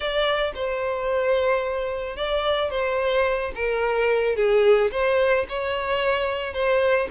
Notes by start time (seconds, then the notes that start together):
0.00 D5
0.54 C5
2.16 D5
2.70 C5
3.55 A#4
4.36 G#4
4.91 C5
5.48 C#5
6.53 C5